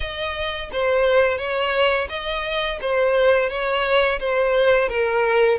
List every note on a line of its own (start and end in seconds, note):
0.00 0.70 D#5
0.72 1.38 C5
1.38 2.07 C#5
2.09 2.79 D#5
2.81 3.49 C5
3.49 4.19 C#5
4.19 4.88 C5
4.88 5.58 A#4